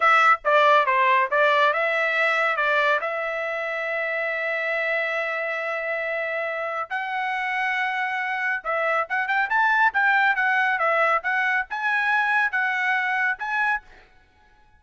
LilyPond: \new Staff \with { instrumentName = "trumpet" } { \time 4/4 \tempo 4 = 139 e''4 d''4 c''4 d''4 | e''2 d''4 e''4~ | e''1~ | e''1 |
fis''1 | e''4 fis''8 g''8 a''4 g''4 | fis''4 e''4 fis''4 gis''4~ | gis''4 fis''2 gis''4 | }